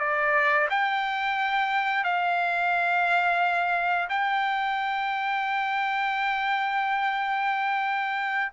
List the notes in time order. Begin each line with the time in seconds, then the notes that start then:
0.00 D5
0.70 G5
2.04 F5
4.10 G5